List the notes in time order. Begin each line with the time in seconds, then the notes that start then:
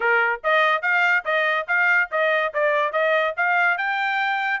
0.00 A#4
0.43 D#5
0.82 F5
1.25 D#5
1.67 F5
2.11 D#5
2.53 D5
2.92 D#5
3.37 F5
3.77 G5